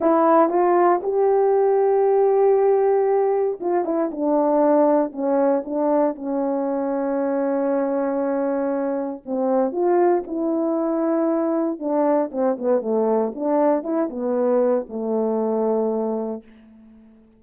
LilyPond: \new Staff \with { instrumentName = "horn" } { \time 4/4 \tempo 4 = 117 e'4 f'4 g'2~ | g'2. f'8 e'8 | d'2 cis'4 d'4 | cis'1~ |
cis'2 c'4 f'4 | e'2. d'4 | c'8 b8 a4 d'4 e'8 b8~ | b4 a2. | }